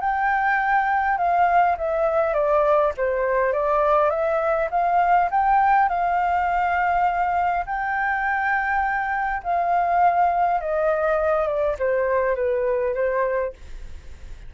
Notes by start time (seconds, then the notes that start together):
0.00 G5
1.18 F5
1.78 E5
2.34 D5
2.97 C5
3.53 D5
4.10 E5
4.71 F5
5.31 G5
5.89 F5
7.66 G5
9.44 F5
10.61 D#5
11.47 D5
11.79 C5
12.36 B4
12.95 C5